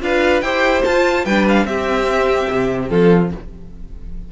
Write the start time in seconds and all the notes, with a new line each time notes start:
0.00 D4 F4 B4 F5
0.41 E4 G4 C5 G5
0.84 F4 A5
1.24 G3 D4 B4 G5
1.48 F5
1.64 C4 G4 E5
2.49 C3
2.88 F3 F4 A4